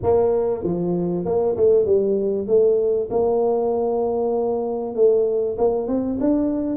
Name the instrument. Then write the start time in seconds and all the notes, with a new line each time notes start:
tuba
0.03 A#3
0.63 F3
1.25 A#3
1.56 A3
1.85 G3
2.47 A3
3.10 A#3
4.95 A3
5.58 A#3
5.87 C4
6.20 D4